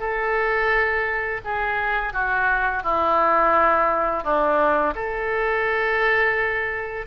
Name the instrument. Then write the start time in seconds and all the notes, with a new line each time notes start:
oboe
0.00 A4
1.45 G#4
2.13 F#4
2.83 E4
4.24 D4
4.95 A4